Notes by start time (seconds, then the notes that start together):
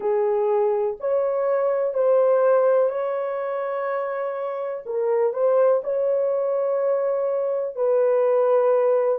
0.00 G#4
0.99 C#5
1.94 C5
2.89 C#5
4.85 A#4
5.33 C5
5.83 C#5
7.75 B4